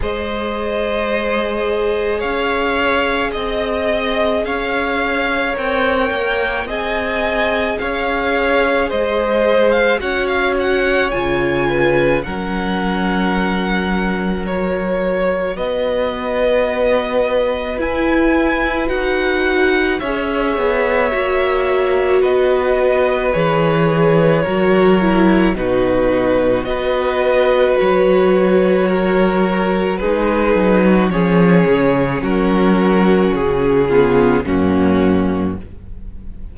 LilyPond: <<
  \new Staff \with { instrumentName = "violin" } { \time 4/4 \tempo 4 = 54 dis''2 f''4 dis''4 | f''4 g''4 gis''4 f''4 | dis''8. f''16 fis''16 f''16 fis''8 gis''4 fis''4~ | fis''4 cis''4 dis''2 |
gis''4 fis''4 e''2 | dis''4 cis''2 b'4 | dis''4 cis''2 b'4 | cis''4 ais'4 gis'4 fis'4 | }
  \new Staff \with { instrumentName = "violin" } { \time 4/4 c''2 cis''4 dis''4 | cis''2 dis''4 cis''4 | c''4 cis''4. b'8 ais'4~ | ais'2 b'2~ |
b'2 cis''2 | b'2 ais'4 fis'4 | b'2 ais'4 gis'8. fis'16 | gis'4 fis'4. f'8 cis'4 | }
  \new Staff \with { instrumentName = "viola" } { \time 4/4 gis'1~ | gis'4 ais'4 gis'2~ | gis'4 fis'4 f'4 cis'4~ | cis'4 fis'2. |
e'4 fis'4 gis'4 fis'4~ | fis'4 gis'4 fis'8 e'8 dis'4 | fis'2. dis'4 | cis'2~ cis'8 b8 ais4 | }
  \new Staff \with { instrumentName = "cello" } { \time 4/4 gis2 cis'4 c'4 | cis'4 c'8 ais8 c'4 cis'4 | gis4 cis'4 cis4 fis4~ | fis2 b2 |
e'4 dis'4 cis'8 b8 ais4 | b4 e4 fis4 b,4 | b4 fis2 gis8 fis8 | f8 cis8 fis4 cis4 fis,4 | }
>>